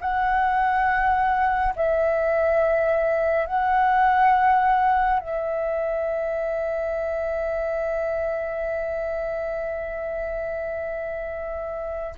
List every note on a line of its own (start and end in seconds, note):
0.00 1.74 F#5
1.75 3.46 E5
3.46 5.19 F#5
5.19 12.15 E5